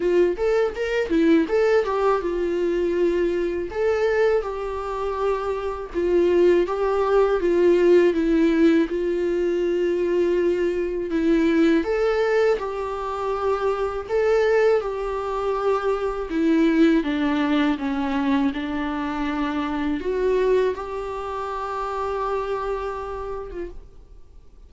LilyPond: \new Staff \with { instrumentName = "viola" } { \time 4/4 \tempo 4 = 81 f'8 a'8 ais'8 e'8 a'8 g'8 f'4~ | f'4 a'4 g'2 | f'4 g'4 f'4 e'4 | f'2. e'4 |
a'4 g'2 a'4 | g'2 e'4 d'4 | cis'4 d'2 fis'4 | g'2.~ g'8. f'16 | }